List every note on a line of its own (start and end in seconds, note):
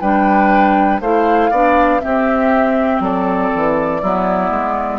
0.00 1.00 G3
0.00 1.01 D4
0.00 1.01 B4
0.00 1.00 G5
1.00 1.50 A3
1.00 1.52 E4
1.00 1.51 C5
1.00 2.01 F5
1.51 2.01 B3
1.51 2.00 D4
1.51 2.01 D5
2.00 4.00 C4
2.00 3.00 C4
2.00 3.03 G4
2.00 3.01 E5
3.00 3.50 F#3
3.00 4.01 A4
3.00 4.99 D5
3.55 4.02 E3
4.01 4.50 F#3
4.01 4.99 B3
4.01 4.99 E4
4.50 4.99 G#3